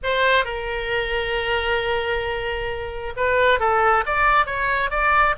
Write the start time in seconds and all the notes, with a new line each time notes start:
0.03 C5
0.45 A#4
3.16 B4
3.59 A4
4.06 D5
4.46 C#5
4.90 D5